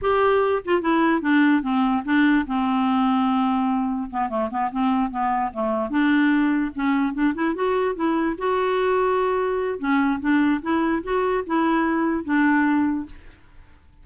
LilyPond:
\new Staff \with { instrumentName = "clarinet" } { \time 4/4 \tempo 4 = 147 g'4. f'8 e'4 d'4 | c'4 d'4 c'2~ | c'2 b8 a8 b8 c'8~ | c'8 b4 a4 d'4.~ |
d'8 cis'4 d'8 e'8 fis'4 e'8~ | e'8 fis'2.~ fis'8 | cis'4 d'4 e'4 fis'4 | e'2 d'2 | }